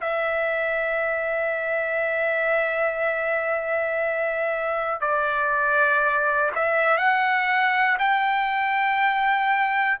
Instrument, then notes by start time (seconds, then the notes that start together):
trumpet
0.00 E5
5.00 D5
6.55 E5
6.97 F#5
7.98 G5